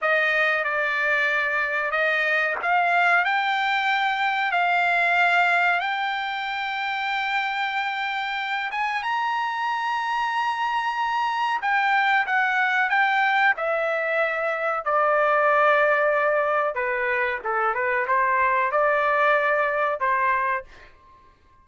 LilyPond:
\new Staff \with { instrumentName = "trumpet" } { \time 4/4 \tempo 4 = 93 dis''4 d''2 dis''4 | f''4 g''2 f''4~ | f''4 g''2.~ | g''4. gis''8 ais''2~ |
ais''2 g''4 fis''4 | g''4 e''2 d''4~ | d''2 b'4 a'8 b'8 | c''4 d''2 c''4 | }